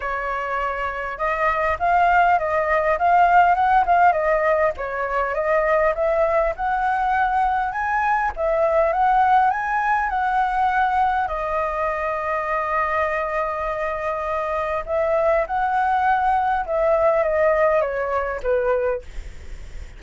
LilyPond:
\new Staff \with { instrumentName = "flute" } { \time 4/4 \tempo 4 = 101 cis''2 dis''4 f''4 | dis''4 f''4 fis''8 f''8 dis''4 | cis''4 dis''4 e''4 fis''4~ | fis''4 gis''4 e''4 fis''4 |
gis''4 fis''2 dis''4~ | dis''1~ | dis''4 e''4 fis''2 | e''4 dis''4 cis''4 b'4 | }